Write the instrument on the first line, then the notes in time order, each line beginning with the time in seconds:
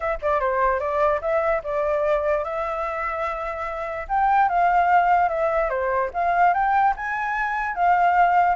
flute
0.00 E5
0.22 D5
0.40 C5
0.79 D5
1.21 E5
1.63 D5
2.43 E5
4.08 G5
4.48 F5
5.28 E5
5.69 C5
6.13 F5
6.53 G5
6.96 G#5
7.75 F5